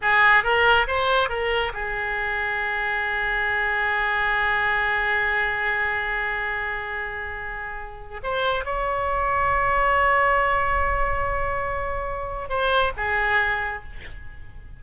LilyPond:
\new Staff \with { instrumentName = "oboe" } { \time 4/4 \tempo 4 = 139 gis'4 ais'4 c''4 ais'4 | gis'1~ | gis'1~ | gis'1~ |
gis'2. c''4 | cis''1~ | cis''1~ | cis''4 c''4 gis'2 | }